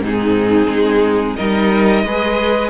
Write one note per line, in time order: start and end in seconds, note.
0.00 0.67 G#2
0.00 1.37 C4
0.00 1.37 D#4
0.06 1.36 G#4
0.68 1.35 G#3
1.36 2.04 G3
1.36 2.05 D#4
1.36 2.04 A#4
1.36 2.70 D#5
2.04 2.70 G#3
2.04 2.70 G#4
2.04 2.70 B4